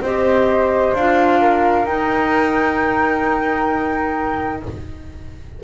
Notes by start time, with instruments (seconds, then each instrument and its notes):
0.00 double bass C4, clarinet G4, flute C5 D#5
0.93 double bass D4, clarinet F4, flute F5
1.40 flute A#4
1.86 double bass D#4, clarinet D#4, flute G5